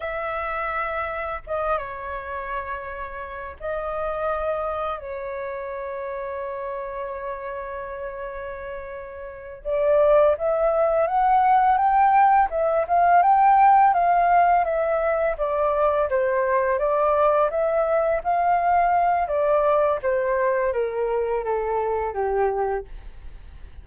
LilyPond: \new Staff \with { instrumentName = "flute" } { \time 4/4 \tempo 4 = 84 e''2 dis''8 cis''4.~ | cis''4 dis''2 cis''4~ | cis''1~ | cis''4. d''4 e''4 fis''8~ |
fis''8 g''4 e''8 f''8 g''4 f''8~ | f''8 e''4 d''4 c''4 d''8~ | d''8 e''4 f''4. d''4 | c''4 ais'4 a'4 g'4 | }